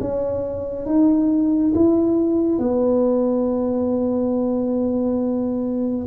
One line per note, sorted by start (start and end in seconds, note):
0.00 0.86 C#4
0.86 1.73 D#4
1.74 2.59 E4
2.59 6.07 B3